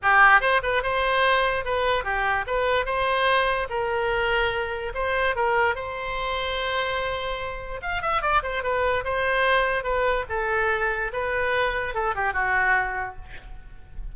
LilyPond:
\new Staff \with { instrumentName = "oboe" } { \time 4/4 \tempo 4 = 146 g'4 c''8 b'8 c''2 | b'4 g'4 b'4 c''4~ | c''4 ais'2. | c''4 ais'4 c''2~ |
c''2. f''8 e''8 | d''8 c''8 b'4 c''2 | b'4 a'2 b'4~ | b'4 a'8 g'8 fis'2 | }